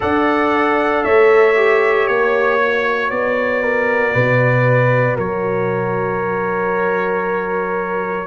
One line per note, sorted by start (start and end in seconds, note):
0.00 1.05 D4
0.00 1.55 A4
0.00 1.04 D5
0.00 1.04 F#5
1.04 2.08 A3
1.04 3.62 C#5
1.04 2.07 E5
1.55 2.59 G4
2.07 3.11 A#3
2.07 3.09 C#5
2.59 8.27 F#4
3.09 4.14 B3
3.09 5.16 D5
3.62 4.14 A#4
4.14 5.17 B2
4.14 5.16 B4
5.16 8.27 F#3
5.16 8.26 A#4
5.16 8.27 C#5